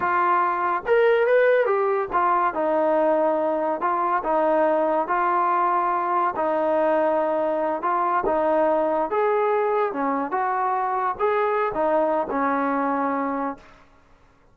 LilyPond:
\new Staff \with { instrumentName = "trombone" } { \time 4/4 \tempo 4 = 142 f'2 ais'4 b'4 | g'4 f'4 dis'2~ | dis'4 f'4 dis'2 | f'2. dis'4~ |
dis'2~ dis'8 f'4 dis'8~ | dis'4. gis'2 cis'8~ | cis'8 fis'2 gis'4~ gis'16 dis'16~ | dis'4 cis'2. | }